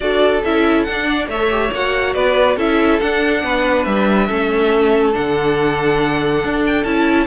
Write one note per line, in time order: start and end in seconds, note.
0.00 0.43 D4
0.00 0.43 F#4
0.00 1.06 A4
0.00 0.42 D5
0.44 0.87 C#4
0.44 0.88 E4
0.44 0.83 E5
0.83 1.27 D4
0.83 1.31 D4
0.83 1.26 F#5
1.06 1.28 D5
1.27 1.70 A3
1.27 1.50 A4
1.27 2.14 C#5
1.27 1.72 E5
1.50 1.72 G4
1.72 2.15 A#3
1.72 2.58 F#4
1.72 2.14 F#5
2.14 2.57 B3
2.14 2.56 B4
2.14 2.57 D5
2.56 2.99 C#4
2.56 3.01 E4
2.56 3.42 A4
2.56 3.00 E5
3.00 4.28 D4
3.00 3.43 D4
3.00 3.84 F#5
3.43 3.86 B3
3.43 4.28 B4
3.84 4.29 G3
3.84 5.12 E5
4.28 5.15 A3
4.28 5.13 C#4
4.28 7.27 A4
5.13 6.43 D3
5.13 6.84 D4
5.13 6.64 F#5
6.43 6.84 D4
6.66 6.84 G5
6.84 7.27 C#4
6.84 7.27 E4
6.84 7.26 A5